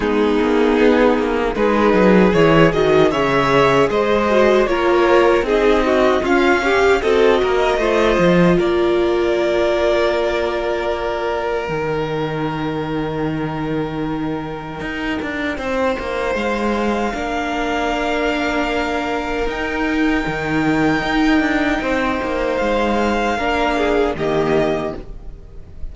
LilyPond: <<
  \new Staff \with { instrumentName = "violin" } { \time 4/4 \tempo 4 = 77 gis'2 b'4 cis''8 dis''8 | e''4 dis''4 cis''4 dis''4 | f''4 dis''2 d''4~ | d''2. g''4~ |
g''1~ | g''4 f''2.~ | f''4 g''2.~ | g''4 f''2 dis''4 | }
  \new Staff \with { instrumentName = "violin" } { \time 4/4 dis'2 gis'2 | cis''4 c''4 ais'4 gis'8 fis'8 | f'8 g'8 a'8 ais'8 c''4 ais'4~ | ais'1~ |
ais'1 | c''2 ais'2~ | ais'1 | c''2 ais'8 gis'8 g'4 | }
  \new Staff \with { instrumentName = "viola" } { \time 4/4 b2 dis'4 e'8 fis'8 | gis'4. fis'8 f'4 dis'4 | cis'4 fis'4 f'2~ | f'2. dis'4~ |
dis'1~ | dis'2 d'2~ | d'4 dis'2.~ | dis'2 d'4 ais4 | }
  \new Staff \with { instrumentName = "cello" } { \time 4/4 gis8 ais8 b8 ais8 gis8 fis8 e8 dis8 | cis4 gis4 ais4 c'4 | cis'4 c'8 ais8 a8 f8 ais4~ | ais2. dis4~ |
dis2. dis'8 d'8 | c'8 ais8 gis4 ais2~ | ais4 dis'4 dis4 dis'8 d'8 | c'8 ais8 gis4 ais4 dis4 | }
>>